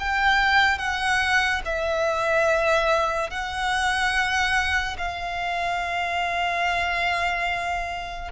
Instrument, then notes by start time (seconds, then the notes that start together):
violin
0.00 G5
0.78 F#5
1.66 E5
3.31 F#5
4.98 F5